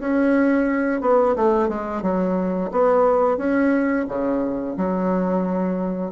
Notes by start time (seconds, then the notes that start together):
0.00 C#4
1.01 B3
1.36 A3
1.69 G#3
2.03 F#3
2.72 B3
3.37 C#4
4.08 C#3
4.77 F#3